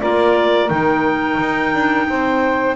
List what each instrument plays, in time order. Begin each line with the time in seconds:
0.00 double bass A#3, clarinet F4 D5, saxophone A#4
0.68 double bass D#3, clarinet D#4 G5
1.39 double bass D#4
1.73 double bass D4
2.08 double bass C4, saxophone C5